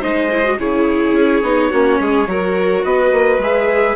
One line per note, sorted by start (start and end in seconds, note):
0.00 0.59 G#3
0.00 0.30 D#4
0.00 0.57 C5
0.00 0.60 D#5
0.32 0.45 E4
0.45 0.59 F#4
0.59 1.13 C#3
0.59 1.44 E4
0.59 1.71 G#4
0.59 2.85 C#5
1.13 1.41 C#4
1.43 1.71 B3
1.43 1.73 D#4
1.71 2.00 A#3
1.71 2.28 C#4
1.71 1.99 F#4
2.00 2.27 G#3
2.00 2.29 G#4
2.27 2.84 F#3
2.27 3.41 F#4
2.27 2.85 A#4
2.84 3.12 B3
2.84 3.96 B4
2.84 3.42 D#5
3.12 3.38 A#3
3.38 3.95 G#3
3.38 3.96 G#4
3.38 3.96 E5